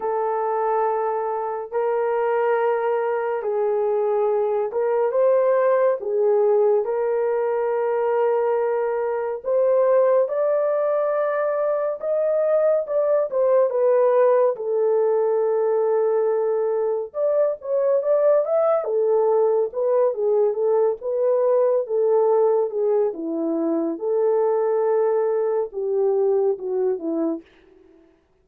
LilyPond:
\new Staff \with { instrumentName = "horn" } { \time 4/4 \tempo 4 = 70 a'2 ais'2 | gis'4. ais'8 c''4 gis'4 | ais'2. c''4 | d''2 dis''4 d''8 c''8 |
b'4 a'2. | d''8 cis''8 d''8 e''8 a'4 b'8 gis'8 | a'8 b'4 a'4 gis'8 e'4 | a'2 g'4 fis'8 e'8 | }